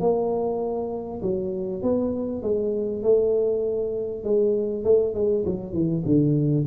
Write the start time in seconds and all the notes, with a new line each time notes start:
0.00 A#3
1.22 F#3
1.83 B3
2.42 G#3
3.03 A3
4.24 G#3
4.84 A3
5.15 G#3
5.45 F#3
5.73 E3
6.06 D3